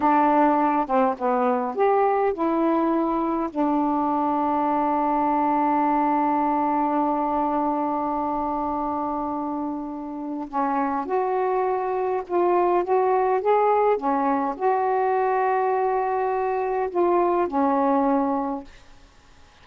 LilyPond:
\new Staff \with { instrumentName = "saxophone" } { \time 4/4 \tempo 4 = 103 d'4. c'8 b4 g'4 | e'2 d'2~ | d'1~ | d'1~ |
d'2 cis'4 fis'4~ | fis'4 f'4 fis'4 gis'4 | cis'4 fis'2.~ | fis'4 f'4 cis'2 | }